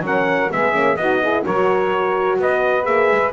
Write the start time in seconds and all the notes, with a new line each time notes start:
0.00 F#3 C#4 A#4 F#5
0.50 G#3 B3 G#4 E5
0.72 A#3 C#4
0.96 B3 D#4 F#4 D#5
1.21 E4 G#4
1.44 F#3 F#4 A#4 C#5
2.39 B3 B4 D#5
2.84 A#3 G#4 E5
3.11 G#3